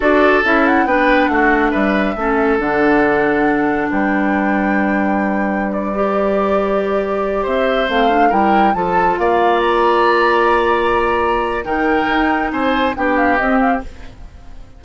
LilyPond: <<
  \new Staff \with { instrumentName = "flute" } { \time 4/4 \tempo 4 = 139 d''4 e''8 fis''8 g''4 fis''4 | e''2 fis''2~ | fis''4 g''2.~ | g''4~ g''16 d''2~ d''8.~ |
d''4~ d''16 e''4 f''4 g''8.~ | g''16 a''4 f''4 ais''4.~ ais''16~ | ais''2. g''4~ | g''4 gis''4 g''8 f''8 dis''8 f''8 | }
  \new Staff \with { instrumentName = "oboe" } { \time 4/4 a'2 b'4 fis'4 | b'4 a'2.~ | a'4 b'2.~ | b'1~ |
b'4~ b'16 c''2 ais'8.~ | ais'16 a'4 d''2~ d''8.~ | d''2. ais'4~ | ais'4 c''4 g'2 | }
  \new Staff \with { instrumentName = "clarinet" } { \time 4/4 fis'4 e'4 d'2~ | d'4 cis'4 d'2~ | d'1~ | d'4.~ d'16 g'2~ g'16~ |
g'2~ g'16 c'8 d'8 e'8.~ | e'16 f'2.~ f'8.~ | f'2. dis'4~ | dis'2 d'4 c'4 | }
  \new Staff \with { instrumentName = "bassoon" } { \time 4/4 d'4 cis'4 b4 a4 | g4 a4 d2~ | d4 g2.~ | g1~ |
g4~ g16 c'4 a4 g8.~ | g16 f4 ais2~ ais8.~ | ais2. dis4 | dis'4 c'4 b4 c'4 | }
>>